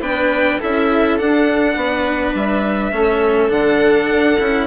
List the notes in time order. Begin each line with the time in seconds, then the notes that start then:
0.00 B3 D4 B4 G5
0.60 C#4 E4 A4 E5
1.18 D4 F#5
1.76 B3 B4
2.35 G3 E5
2.92 A3 C#4 A4
3.50 D3 D4 F#5
4.11 D4
4.40 C#4 E4